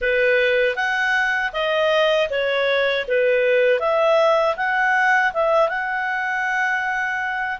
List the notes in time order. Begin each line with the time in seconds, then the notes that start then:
0.01 B4
0.75 F#5
1.52 D#5
2.30 C#5
3.07 B4
3.79 E5
4.56 F#5
5.33 E5
5.69 F#5